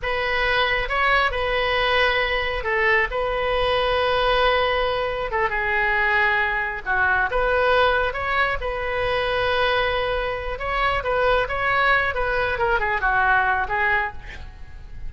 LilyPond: \new Staff \with { instrumentName = "oboe" } { \time 4/4 \tempo 4 = 136 b'2 cis''4 b'4~ | b'2 a'4 b'4~ | b'1 | a'8 gis'2. fis'8~ |
fis'8 b'2 cis''4 b'8~ | b'1 | cis''4 b'4 cis''4. b'8~ | b'8 ais'8 gis'8 fis'4. gis'4 | }